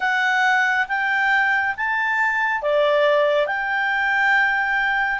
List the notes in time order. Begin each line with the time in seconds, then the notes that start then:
0.00 F#5
0.88 G5
1.76 A5
2.62 D5
3.47 G5